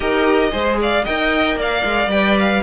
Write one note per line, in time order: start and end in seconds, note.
0.00 0.51 D#4
0.00 0.50 G4
0.00 0.50 A#4
0.00 0.77 D#5
0.50 1.05 G#3
0.50 1.03 G#4
0.50 0.78 C5
0.80 1.04 D5
0.80 1.05 F5
1.04 1.55 D#4
1.04 2.10 A#4
1.04 1.56 D#5
1.04 1.57 G5
1.55 1.81 A#3
1.55 2.62 D5
1.61 2.11 F5
1.84 2.07 G#3
2.07 2.59 G3
2.07 2.62 B4
2.07 2.37 G5
2.39 2.62 F5